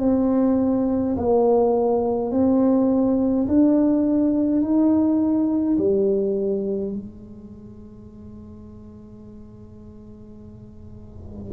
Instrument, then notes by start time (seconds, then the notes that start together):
tuba
0.00 C4
1.17 A#3
2.31 C4
3.48 D4
4.62 D#4
5.78 G3
6.93 G#3